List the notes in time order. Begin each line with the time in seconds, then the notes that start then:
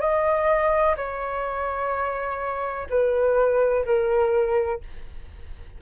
0.00 D#5
0.97 C#5
2.90 B4
3.85 A#4